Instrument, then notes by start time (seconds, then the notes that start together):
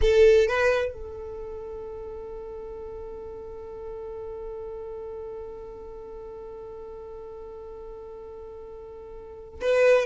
violin
0.01 A4
0.47 B4
0.92 A4
9.61 B4